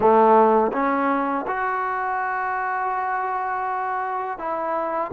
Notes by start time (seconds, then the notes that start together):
0.00 A3
0.72 C#4
1.47 F#4
4.38 E4